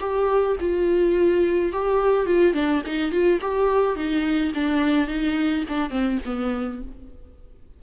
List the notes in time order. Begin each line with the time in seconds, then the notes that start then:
0.00 G4
0.60 F4
1.72 G4
2.26 F4
2.54 D4
2.86 D#4
3.12 F4
3.41 G4
3.96 D#4
4.54 D4
5.08 D#4
5.68 D4
5.90 C4
6.25 B3